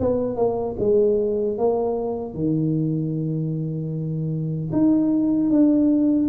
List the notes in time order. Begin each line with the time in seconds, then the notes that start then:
0.00 B3
0.37 A#3
0.79 G#3
1.58 A#3
2.34 D#3
4.73 D#4
5.50 D4